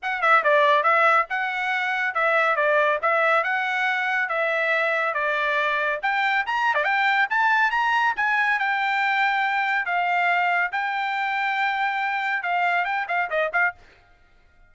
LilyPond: \new Staff \with { instrumentName = "trumpet" } { \time 4/4 \tempo 4 = 140 fis''8 e''8 d''4 e''4 fis''4~ | fis''4 e''4 d''4 e''4 | fis''2 e''2 | d''2 g''4 ais''8. d''16 |
g''4 a''4 ais''4 gis''4 | g''2. f''4~ | f''4 g''2.~ | g''4 f''4 g''8 f''8 dis''8 f''8 | }